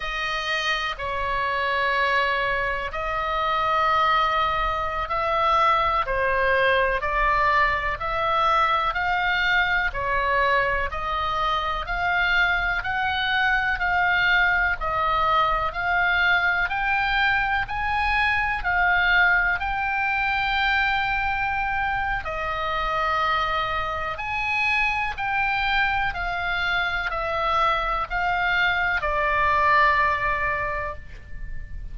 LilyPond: \new Staff \with { instrumentName = "oboe" } { \time 4/4 \tempo 4 = 62 dis''4 cis''2 dis''4~ | dis''4~ dis''16 e''4 c''4 d''8.~ | d''16 e''4 f''4 cis''4 dis''8.~ | dis''16 f''4 fis''4 f''4 dis''8.~ |
dis''16 f''4 g''4 gis''4 f''8.~ | f''16 g''2~ g''8. dis''4~ | dis''4 gis''4 g''4 f''4 | e''4 f''4 d''2 | }